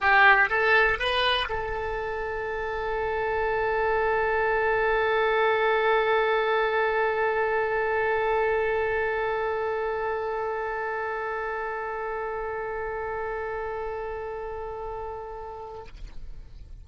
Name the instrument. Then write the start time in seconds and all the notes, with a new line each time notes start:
oboe
0.00 G4
0.49 A4
0.98 B4
1.49 A4